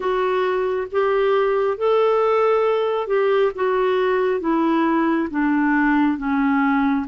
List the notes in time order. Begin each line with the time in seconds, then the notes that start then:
0.00 F#4
0.91 G4
1.77 A4
3.07 G4
3.55 F#4
4.40 E4
5.30 D4
6.17 C#4